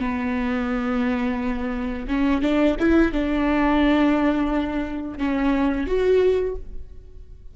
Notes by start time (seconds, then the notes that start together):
0.00 B3
2.08 C#4
2.42 D4
2.79 E4
3.13 D4
5.18 C#4
5.87 F#4